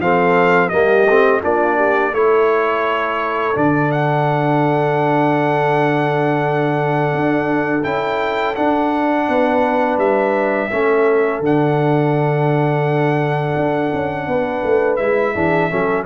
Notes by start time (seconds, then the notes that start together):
0.00 F3 C4 A4 F5
0.70 G3 A#3 G4 D#5
1.07 A3 C4
1.42 A#3 D4 F4 D5
1.77 G4
2.13 A3 E4 A4 C#5
3.54 D3 D4 D5
3.92 F#5
7.13 D4
7.84 C#4 E4 G5
8.56 D4 F#5
9.29 B3 B4
9.98 G3 E5
10.71 A3 C#4 A4
11.41 D3 D4 F#5
13.57 D4
13.94 C#4
14.28 B3 B4
14.64 A3
14.97 G#3 E4 E5
15.35 E3 D4 G#4
15.71 F#3 C#4 A4